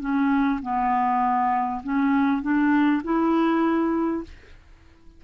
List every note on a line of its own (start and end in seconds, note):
0.00 0.60 C#4
0.62 1.82 B3
1.84 2.43 C#4
2.43 3.03 D4
3.04 4.24 E4